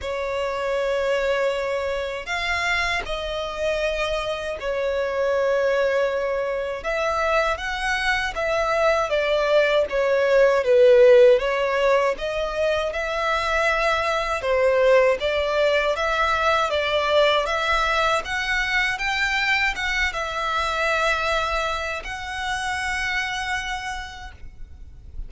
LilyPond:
\new Staff \with { instrumentName = "violin" } { \time 4/4 \tempo 4 = 79 cis''2. f''4 | dis''2 cis''2~ | cis''4 e''4 fis''4 e''4 | d''4 cis''4 b'4 cis''4 |
dis''4 e''2 c''4 | d''4 e''4 d''4 e''4 | fis''4 g''4 fis''8 e''4.~ | e''4 fis''2. | }